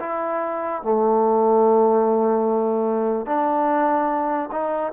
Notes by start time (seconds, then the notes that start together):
0.00 E4
0.82 A3
3.26 D4
4.52 D#4